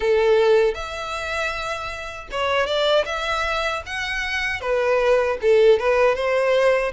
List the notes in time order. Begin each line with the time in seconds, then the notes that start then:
0.00 A4
0.74 E5
2.31 C#5
2.66 D5
3.05 E5
3.86 F#5
4.60 B4
5.41 A4
5.79 B4
6.15 C5